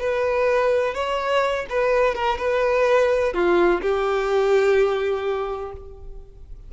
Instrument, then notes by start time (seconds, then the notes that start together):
violin
0.00 B4
0.95 C#5
1.70 B4
2.15 A#4
2.39 B4
3.34 F4
3.82 G4